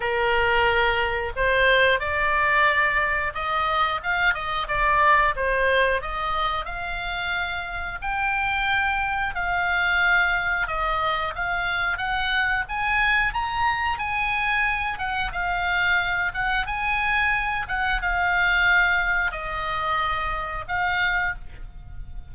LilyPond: \new Staff \with { instrumentName = "oboe" } { \time 4/4 \tempo 4 = 90 ais'2 c''4 d''4~ | d''4 dis''4 f''8 dis''8 d''4 | c''4 dis''4 f''2 | g''2 f''2 |
dis''4 f''4 fis''4 gis''4 | ais''4 gis''4. fis''8 f''4~ | f''8 fis''8 gis''4. fis''8 f''4~ | f''4 dis''2 f''4 | }